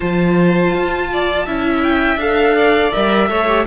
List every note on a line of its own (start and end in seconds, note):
0.00 0.74 F3
0.00 1.44 F4
0.00 1.08 C5
0.00 1.80 A5
0.74 1.47 F4
1.12 1.45 D5
1.45 2.16 C#4
1.45 2.18 E4
1.45 2.55 E5
1.83 2.19 G5
2.16 2.89 D4
2.16 2.92 A4
2.16 2.92 F5
2.55 3.28 D5
2.92 3.30 G3
2.92 3.28 A#4
2.92 3.65 E5
3.28 3.66 A3
3.28 3.46 A4
3.28 3.66 C#5
3.47 3.66 G4